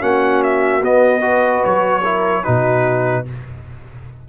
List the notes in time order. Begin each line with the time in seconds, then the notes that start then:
0.00 A#3 C#4 F#4 F#5
0.43 E5
0.82 B3 D#5
1.21 F#4 B4
1.64 F#3 C#5
2.03 E4 A#4
2.43 B2 D#4 F#4 B4